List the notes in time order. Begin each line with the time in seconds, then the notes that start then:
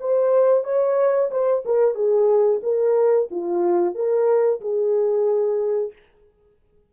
0.00 C5
0.64 C#5
1.31 C5
1.65 A#4
1.95 G#4
2.63 A#4
3.31 F4
3.94 A#4
4.61 G#4